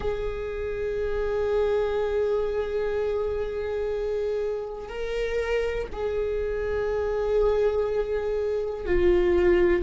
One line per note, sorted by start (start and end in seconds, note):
0.00 4.88 G#4
4.88 5.87 A#4
5.92 8.85 G#4
8.85 9.82 F4